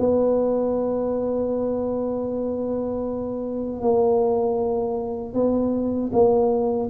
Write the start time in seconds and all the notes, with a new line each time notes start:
0.00 B3
3.83 A#3
5.35 B3
6.13 A#3